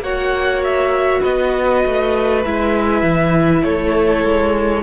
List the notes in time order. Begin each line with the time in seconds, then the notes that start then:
0.00 A#3 F#4 C#5 F#5
0.64 E5
1.21 B3 B4 D#5
1.86 A3
2.45 G#3 E4 E5
3.03 E3
3.64 A3 A4 C#5
4.25 G#3